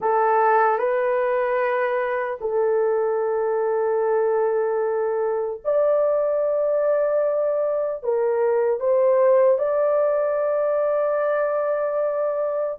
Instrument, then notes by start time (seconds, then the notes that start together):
horn
0.00 A4
0.78 B4
2.40 A4
5.64 D5
8.03 A#4
8.80 C5
9.58 D5